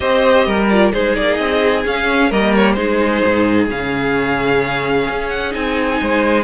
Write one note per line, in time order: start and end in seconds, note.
0.00 0.46 C4
0.00 0.69 G4
0.00 0.46 C5
0.00 0.67 D#5
0.46 0.92 G3
0.46 0.92 A#4
0.69 0.93 F4
0.69 0.92 D5
0.92 1.17 G#3
0.92 1.85 D#4
0.92 2.30 G#4
0.92 1.16 C5
1.16 1.39 A#3
1.16 1.35 D5
1.35 1.84 C4
1.35 1.81 D#5
1.84 2.30 C#4
1.84 2.31 C#4
1.84 2.31 F5
2.30 2.76 G3
2.30 2.76 A#3
2.30 2.76 A#4
2.30 2.54 D#5
2.55 2.73 C#5
2.73 3.22 G#3
2.73 3.68 D#4
2.73 5.99 G#4
2.73 3.65 C5
3.25 3.70 G#2
3.70 5.08 C#3
3.70 5.51 C#4
3.70 5.29 F5
5.09 5.54 C#4
5.29 5.52 F#5
5.51 6.01 C4
5.51 6.43 D#4
5.51 6.43 G#5
6.01 6.43 G#3
6.01 6.43 C5